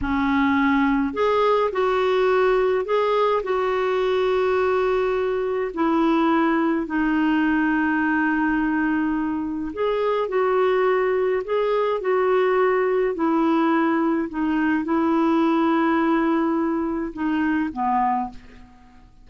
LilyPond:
\new Staff \with { instrumentName = "clarinet" } { \time 4/4 \tempo 4 = 105 cis'2 gis'4 fis'4~ | fis'4 gis'4 fis'2~ | fis'2 e'2 | dis'1~ |
dis'4 gis'4 fis'2 | gis'4 fis'2 e'4~ | e'4 dis'4 e'2~ | e'2 dis'4 b4 | }